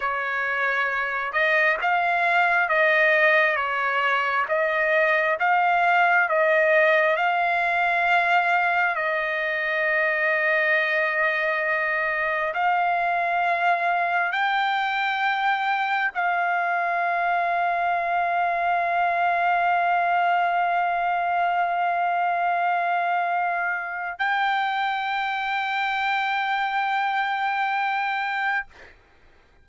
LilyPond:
\new Staff \with { instrumentName = "trumpet" } { \time 4/4 \tempo 4 = 67 cis''4. dis''8 f''4 dis''4 | cis''4 dis''4 f''4 dis''4 | f''2 dis''2~ | dis''2 f''2 |
g''2 f''2~ | f''1~ | f''2. g''4~ | g''1 | }